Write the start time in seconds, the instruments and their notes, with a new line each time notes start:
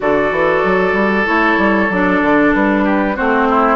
0.00 bassoon D3, clarinet F#4, oboe A4, flute D5
0.31 bassoon E3
0.63 bassoon F#3
0.92 bassoon G3
1.25 bassoon A3, clarinet E4, flute C#5
1.57 bassoon G3
1.89 bassoon F#3, clarinet D4, flute D5
2.21 bassoon D3
2.53 bassoon G3, flute B4
2.84 oboe G4
3.15 bassoon A3, clarinet C4, oboe F#4, flute C5
3.49 oboe E4